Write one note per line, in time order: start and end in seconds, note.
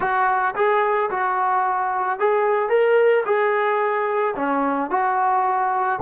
0.00 0.54 F#4
0.55 1.09 G#4
1.10 2.19 F#4
2.19 2.69 G#4
2.69 3.24 A#4
3.25 4.34 G#4
4.36 4.90 C#4
4.90 5.99 F#4